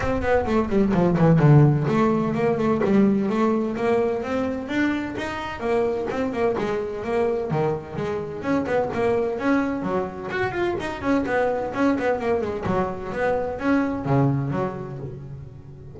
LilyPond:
\new Staff \with { instrumentName = "double bass" } { \time 4/4 \tempo 4 = 128 c'8 b8 a8 g8 f8 e8 d4 | a4 ais8 a8 g4 a4 | ais4 c'4 d'4 dis'4 | ais4 c'8 ais8 gis4 ais4 |
dis4 gis4 cis'8 b8 ais4 | cis'4 fis4 fis'8 f'8 dis'8 cis'8 | b4 cis'8 b8 ais8 gis8 fis4 | b4 cis'4 cis4 fis4 | }